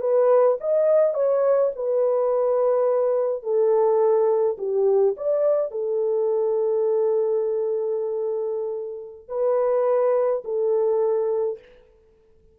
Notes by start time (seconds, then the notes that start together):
0.00 B4
0.61 D#5
1.14 C#5
1.76 B4
3.43 A4
4.58 G4
5.17 D5
5.71 A4
9.28 B4
10.44 A4